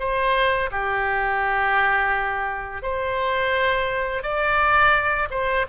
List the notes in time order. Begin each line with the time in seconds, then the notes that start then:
0.00 C5
0.72 G4
2.83 C5
4.23 D5
5.31 C5